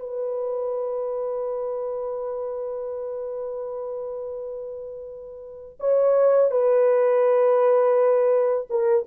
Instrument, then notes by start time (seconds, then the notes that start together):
horn
0.00 B4
5.80 C#5
6.51 B4
8.70 A#4